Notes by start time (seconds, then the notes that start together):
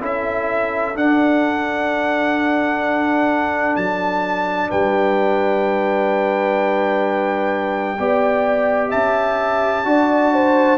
0.00 C#4 E4 A4 E5
0.94 D4 F#5
3.76 F#3 A5
4.69 G3 B4 G5
7.99 B3 G4 D5
8.89 C#4 E5 A5
9.85 D4 F#4 D5
10.33 C5